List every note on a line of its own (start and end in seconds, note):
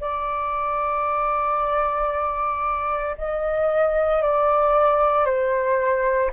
0.00 3.16 D5
3.18 4.22 D#5
4.22 5.25 D5
5.25 6.30 C5